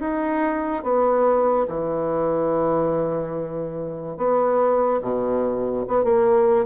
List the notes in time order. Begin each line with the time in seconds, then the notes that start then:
0.00 D#4
0.84 B3
1.69 E3
4.17 B3
5.02 B2
5.88 B3
6.05 A#3